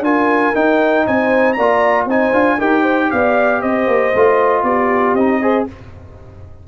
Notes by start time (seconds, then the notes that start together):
0.00 D4 F4 A#4 G#5
0.54 D#4 G5
1.06 C4 C5 G#5
1.52 A#3 D5 A#5
1.59 F4
2.05 C4 D#4 C5 G#5
2.32 D4 F4
2.58 D#4 G4 A#4 G5
2.82 C5
3.10 B3 D5 F5
3.61 C4 C5 D#5
3.87 A#3
4.14 A3 F4
4.63 B3 G4 D5
5.13 C4 D#4 D#5
5.41 G#4 C5